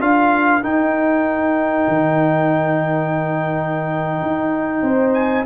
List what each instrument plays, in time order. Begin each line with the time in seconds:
0.00 tuba D4, trombone F4, horn A#4, trumpet F5
0.63 tuba D#4, trombone D#4, trumpet G5
1.88 tuba D#3
4.21 tuba D#4
4.82 tuba C4, horn C5
5.14 trumpet G#5